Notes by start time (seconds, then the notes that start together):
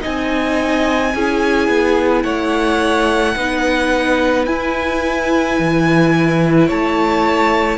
0.00 C4 D#4 D#5 G#5
1.14 C#4 E4 G#4
1.68 B3
2.22 A3 C#5 F#5
3.36 B3 D#4 B4
4.45 E4 G#5
5.58 E3
6.66 A3 C#5 A5